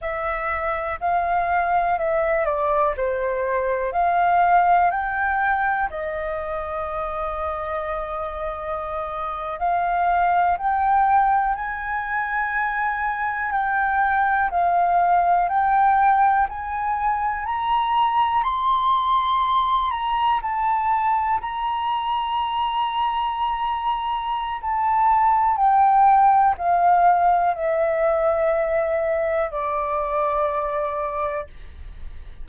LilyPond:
\new Staff \with { instrumentName = "flute" } { \time 4/4 \tempo 4 = 61 e''4 f''4 e''8 d''8 c''4 | f''4 g''4 dis''2~ | dis''4.~ dis''16 f''4 g''4 gis''16~ | gis''4.~ gis''16 g''4 f''4 g''16~ |
g''8. gis''4 ais''4 c'''4~ c'''16~ | c'''16 ais''8 a''4 ais''2~ ais''16~ | ais''4 a''4 g''4 f''4 | e''2 d''2 | }